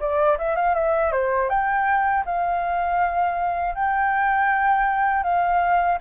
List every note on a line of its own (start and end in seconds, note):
0.00 0.38 D5
0.39 0.56 E5
0.56 0.75 F5
0.75 1.12 E5
1.12 1.50 C5
1.50 2.25 G5
2.26 3.75 F5
3.75 5.24 G5
5.24 5.99 F5